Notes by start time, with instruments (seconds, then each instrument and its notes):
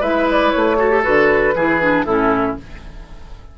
0.00 bassoon G#3, clarinet E4, oboe B4, flute E5
0.30 flute D5
0.51 bassoon A3, flute C#5
0.77 clarinet F#4, oboe A4
0.89 clarinet G4
1.02 bassoon D3, clarinet F#4, flute B4
1.54 bassoon E3, clarinet E4, oboe G#4
1.80 clarinet D4
2.04 bassoon A2, clarinet C#4, oboe E4, flute A4